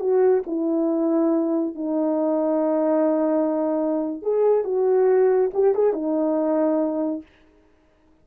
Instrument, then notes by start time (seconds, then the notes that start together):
horn
0.00 F#4
0.47 E4
1.75 D#4
4.23 G#4
4.64 F#4
5.54 G4
5.75 G#4
5.93 D#4